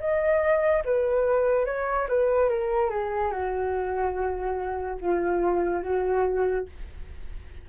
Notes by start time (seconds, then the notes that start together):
0.00 D#5
0.85 B4
1.66 C#5
2.08 B4
2.49 A#4
2.90 G#4
3.31 F#4
5.01 F4
5.83 F#4